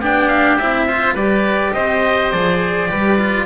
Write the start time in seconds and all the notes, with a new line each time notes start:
0.00 B3 D4 G4 G5
0.28 F5
0.58 C4 E4 E5
0.88 F4 C5
1.14 G3 G4 B4 D5
1.74 C4 C5 D#5
2.32 F3 G#4 D5
2.89 G3 G4 B4
3.19 F4